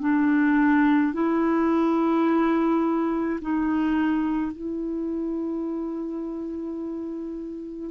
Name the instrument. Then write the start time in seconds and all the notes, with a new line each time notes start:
clarinet
0.00 D4
1.13 E4
3.41 D#4
4.52 E4